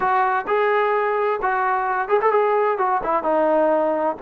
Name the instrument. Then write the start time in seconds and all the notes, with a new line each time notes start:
trombone
0.00 F#4
0.47 G#4
1.42 F#4
2.08 G#4
2.21 A4
2.31 G#4
2.77 F#4
3.03 E4
3.23 D#4